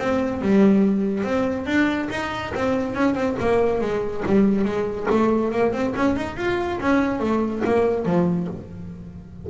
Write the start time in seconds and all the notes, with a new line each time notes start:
0.00 C4
0.42 G3
1.24 C4
1.67 D4
2.11 D#4
2.55 C4
2.95 C#4
3.15 C4
3.40 A#3
3.81 G#3
4.26 G3
4.65 G#3
5.10 A3
5.52 A#3
5.73 C4
5.96 C#4
6.17 D#4
6.37 F4
6.81 C#4
7.20 A3
7.65 A#3
8.06 F3